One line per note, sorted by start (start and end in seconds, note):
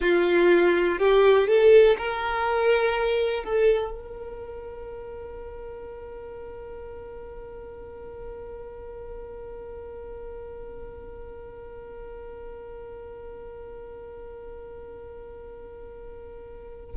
0.00 0.98 F4
0.98 1.48 G4
1.48 1.97 A4
1.98 3.43 A#4
3.43 3.92 A4
3.92 16.95 A#4